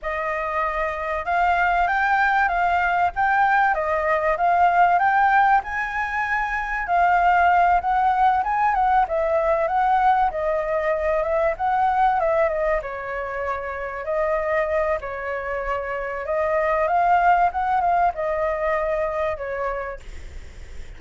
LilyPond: \new Staff \with { instrumentName = "flute" } { \time 4/4 \tempo 4 = 96 dis''2 f''4 g''4 | f''4 g''4 dis''4 f''4 | g''4 gis''2 f''4~ | f''8 fis''4 gis''8 fis''8 e''4 fis''8~ |
fis''8 dis''4. e''8 fis''4 e''8 | dis''8 cis''2 dis''4. | cis''2 dis''4 f''4 | fis''8 f''8 dis''2 cis''4 | }